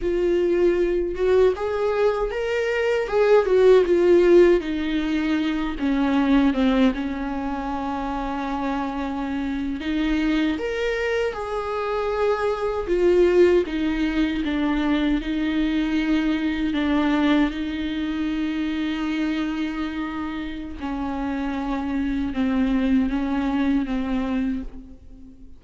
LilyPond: \new Staff \with { instrumentName = "viola" } { \time 4/4 \tempo 4 = 78 f'4. fis'8 gis'4 ais'4 | gis'8 fis'8 f'4 dis'4. cis'8~ | cis'8 c'8 cis'2.~ | cis'8. dis'4 ais'4 gis'4~ gis'16~ |
gis'8. f'4 dis'4 d'4 dis'16~ | dis'4.~ dis'16 d'4 dis'4~ dis'16~ | dis'2. cis'4~ | cis'4 c'4 cis'4 c'4 | }